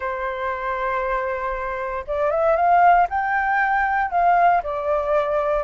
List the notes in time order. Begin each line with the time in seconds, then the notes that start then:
0.00 C5
2.07 D5
2.30 E5
2.55 F5
3.09 G5
4.10 F5
4.63 D5